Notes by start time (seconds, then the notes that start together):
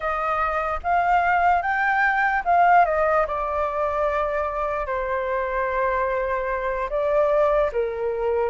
0.00 D#5
0.83 F5
1.61 G5
2.44 F5
2.85 D#5
3.27 D5
4.86 C5
6.89 D5
7.72 A#4